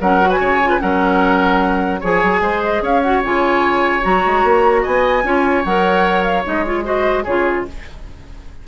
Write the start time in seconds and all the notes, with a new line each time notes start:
0.00 F#3 C#4 A#4 F#5
0.21 F#4
0.29 B4 G#5
0.39 C#3 C#5
0.64 F4 B4
0.80 F#3 C#4 A#4 F#5
2.00 F3 G#4 C#5 G#5
2.23 F#3
2.40 G#3 C5
2.64 D#5
2.82 C#4 C#5 F5
3.02 F#4 F#5
3.24 C#3 F4 G#5
4.01 F#3 F#4 A#5
4.26 G#3
4.44 A#3
4.82 B3 D#5 G#5
5.23 C#4 F4 C#5
5.64 F#3 A#4 F#5
6.23 F5
6.44 G#3 D#4 D#5
6.65 F4 C#5
6.84 F#4 C5 D#5
7.23 C#3 F4 G#4 C#5